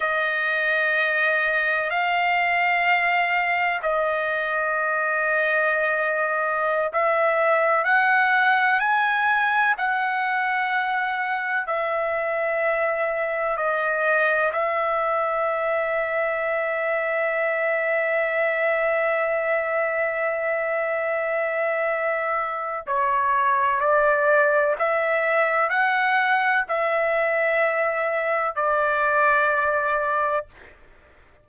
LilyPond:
\new Staff \with { instrumentName = "trumpet" } { \time 4/4 \tempo 4 = 63 dis''2 f''2 | dis''2.~ dis''16 e''8.~ | e''16 fis''4 gis''4 fis''4.~ fis''16~ | fis''16 e''2 dis''4 e''8.~ |
e''1~ | e''1 | cis''4 d''4 e''4 fis''4 | e''2 d''2 | }